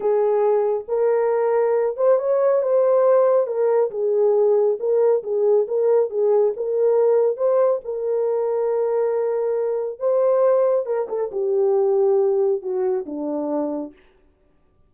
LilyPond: \new Staff \with { instrumentName = "horn" } { \time 4/4 \tempo 4 = 138 gis'2 ais'2~ | ais'8 c''8 cis''4 c''2 | ais'4 gis'2 ais'4 | gis'4 ais'4 gis'4 ais'4~ |
ais'4 c''4 ais'2~ | ais'2. c''4~ | c''4 ais'8 a'8 g'2~ | g'4 fis'4 d'2 | }